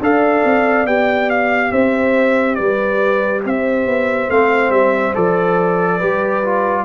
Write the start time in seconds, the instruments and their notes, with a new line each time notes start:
0.00 tuba D4, trombone A4, horn D5, trumpet F5
0.44 tuba C4
0.85 tuba B3, trombone G4, trumpet G5
1.30 trumpet F5
1.71 tuba C4, horn C5, trumpet E5
2.55 tuba G3, horn B4, trumpet D5
3.43 tuba C4, horn C5, trumpet E5
3.86 tuba B3
4.29 tuba A3, trombone C4, trumpet F5
4.70 tuba G3, trumpet E5
5.14 tuba F3, trombone A4, trumpet D5
5.96 trombone G4, horn B4
6.02 tuba G3
6.44 trombone F4